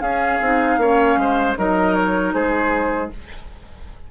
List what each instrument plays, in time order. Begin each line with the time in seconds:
0.00 bassoon C#4, clarinet C#4, oboe G#4, flute F5
0.41 bassoon C4, clarinet D#4
0.77 bassoon A#3, clarinet C#4, oboe C#5
1.16 bassoon G#3, oboe C5
1.57 bassoon F#3, clarinet D#4, oboe A#4, flute D#5
1.94 flute C#5
2.33 bassoon G#3, oboe G#4, flute C5